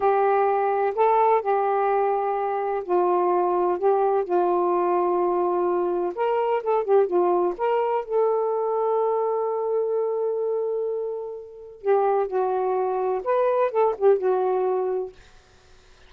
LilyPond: \new Staff \with { instrumentName = "saxophone" } { \time 4/4 \tempo 4 = 127 g'2 a'4 g'4~ | g'2 f'2 | g'4 f'2.~ | f'4 ais'4 a'8 g'8 f'4 |
ais'4 a'2.~ | a'1~ | a'4 g'4 fis'2 | b'4 a'8 g'8 fis'2 | }